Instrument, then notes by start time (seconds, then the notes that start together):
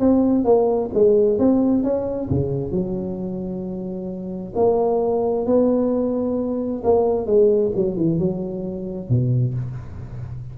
tuba
0.00 C4
0.45 A#3
0.94 G#3
1.39 C4
1.84 C#4
2.30 C#3
2.72 F#3
4.56 A#3
5.47 B3
6.84 A#3
7.27 G#3
7.76 F#3
7.97 E3
8.19 F#3
9.09 B2